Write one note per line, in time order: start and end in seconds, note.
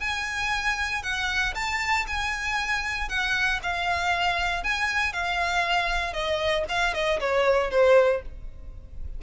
0.00 1.03 G#5
1.03 1.54 F#5
1.55 2.06 A5
2.07 3.09 G#5
3.09 3.60 F#5
3.63 4.64 F5
4.64 5.13 G#5
5.13 6.13 F5
6.13 6.65 D#5
6.69 6.94 F5
6.94 7.20 D#5
7.20 7.71 C#5
7.71 8.22 C5